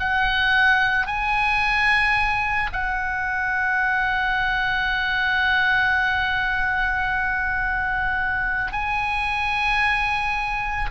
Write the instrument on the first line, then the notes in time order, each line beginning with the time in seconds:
oboe
0.00 F#5
1.07 G#5
2.73 F#5
8.73 G#5